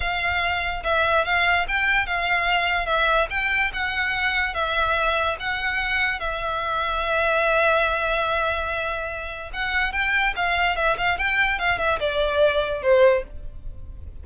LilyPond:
\new Staff \with { instrumentName = "violin" } { \time 4/4 \tempo 4 = 145 f''2 e''4 f''4 | g''4 f''2 e''4 | g''4 fis''2 e''4~ | e''4 fis''2 e''4~ |
e''1~ | e''2. fis''4 | g''4 f''4 e''8 f''8 g''4 | f''8 e''8 d''2 c''4 | }